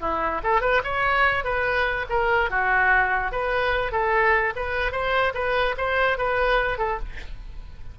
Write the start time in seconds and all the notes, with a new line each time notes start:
0.00 E4
0.43 A4
0.61 B4
0.83 C#5
1.44 B4
2.09 A#4
2.50 F#4
3.31 B4
3.92 A4
4.55 B4
4.91 C5
5.34 B4
5.77 C5
6.18 B4
6.78 A4